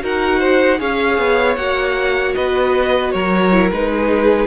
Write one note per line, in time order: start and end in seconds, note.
0.00 0.81 D#4
0.00 0.78 F#4
0.00 0.40 A#4
0.00 0.81 F#5
0.40 0.79 C5
0.78 1.18 C#4
0.78 1.56 G#4
0.78 2.36 C#5
0.78 1.56 F5
1.18 1.57 B3
1.56 2.35 A#3
1.56 3.53 F#4
1.56 2.34 F#5
2.35 3.14 B3
2.35 3.14 B4
2.35 3.12 D#5
3.12 3.72 F#3
3.12 3.92 A#4
3.12 3.70 C#5
3.53 3.72 E4
3.72 4.48 G#3
3.72 4.48 D#4
3.72 4.48 B4
3.93 4.48 G#4